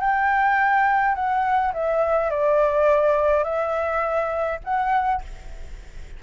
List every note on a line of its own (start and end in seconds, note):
0.00 1.15 G5
1.15 1.73 F#5
1.73 2.30 E5
2.30 3.44 D5
3.44 4.59 E5
4.64 5.22 F#5